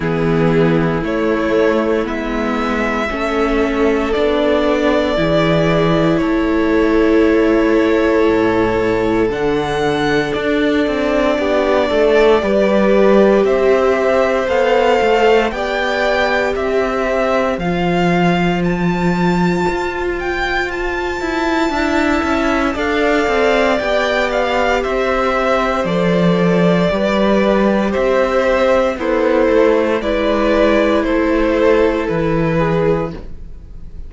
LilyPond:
<<
  \new Staff \with { instrumentName = "violin" } { \time 4/4 \tempo 4 = 58 gis'4 cis''4 e''2 | d''2 cis''2~ | cis''4 fis''4 d''2~ | d''4 e''4 f''4 g''4 |
e''4 f''4 a''4. g''8 | a''2 f''4 g''8 f''8 | e''4 d''2 e''4 | c''4 d''4 c''4 b'4 | }
  \new Staff \with { instrumentName = "violin" } { \time 4/4 e'2. a'4~ | a'4 gis'4 a'2~ | a'2. g'8 a'8 | b'4 c''2 d''4 |
c''1~ | c''4 e''4 d''2 | c''2 b'4 c''4 | e'4 b'4 a'4. gis'8 | }
  \new Staff \with { instrumentName = "viola" } { \time 4/4 b4 a4 b4 cis'4 | d'4 e'2.~ | e'4 d'2. | g'2 a'4 g'4~ |
g'4 f'2.~ | f'4 e'4 a'4 g'4~ | g'4 a'4 g'2 | a'4 e'2. | }
  \new Staff \with { instrumentName = "cello" } { \time 4/4 e4 a4 gis4 a4 | b4 e4 a2 | a,4 d4 d'8 c'8 b8 a8 | g4 c'4 b8 a8 b4 |
c'4 f2 f'4~ | f'8 e'8 d'8 cis'8 d'8 c'8 b4 | c'4 f4 g4 c'4 | b8 a8 gis4 a4 e4 | }
>>